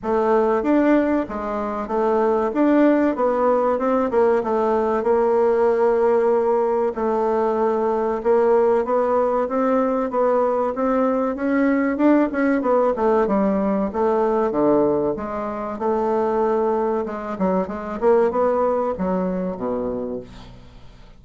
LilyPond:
\new Staff \with { instrumentName = "bassoon" } { \time 4/4 \tempo 4 = 95 a4 d'4 gis4 a4 | d'4 b4 c'8 ais8 a4 | ais2. a4~ | a4 ais4 b4 c'4 |
b4 c'4 cis'4 d'8 cis'8 | b8 a8 g4 a4 d4 | gis4 a2 gis8 fis8 | gis8 ais8 b4 fis4 b,4 | }